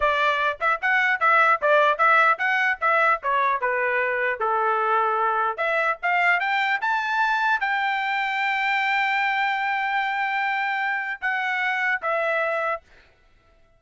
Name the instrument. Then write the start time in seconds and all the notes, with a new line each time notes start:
trumpet
0.00 D5
0.60 E5
0.81 F#5
1.19 E5
1.61 D5
1.97 E5
2.38 F#5
2.81 E5
3.22 C#5
3.60 B4
4.39 A4
5.57 E5
6.02 F5
6.40 G5
6.81 A5
7.60 G5
11.21 F#5
12.01 E5